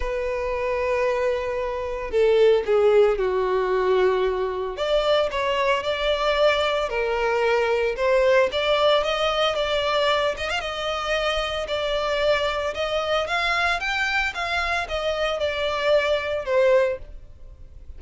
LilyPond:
\new Staff \with { instrumentName = "violin" } { \time 4/4 \tempo 4 = 113 b'1 | a'4 gis'4 fis'2~ | fis'4 d''4 cis''4 d''4~ | d''4 ais'2 c''4 |
d''4 dis''4 d''4. dis''16 f''16 | dis''2 d''2 | dis''4 f''4 g''4 f''4 | dis''4 d''2 c''4 | }